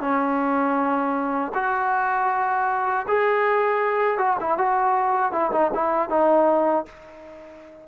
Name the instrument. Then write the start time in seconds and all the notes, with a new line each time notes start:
trombone
0.00 C#4
1.54 F#4
3.08 G#4
4.18 F#4
4.40 E4
4.57 F#4
5.32 E4
5.52 D#4
5.74 E4
6.09 D#4